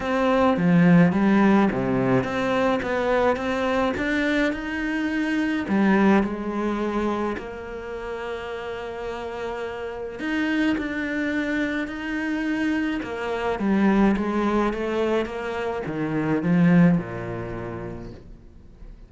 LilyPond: \new Staff \with { instrumentName = "cello" } { \time 4/4 \tempo 4 = 106 c'4 f4 g4 c4 | c'4 b4 c'4 d'4 | dis'2 g4 gis4~ | gis4 ais2.~ |
ais2 dis'4 d'4~ | d'4 dis'2 ais4 | g4 gis4 a4 ais4 | dis4 f4 ais,2 | }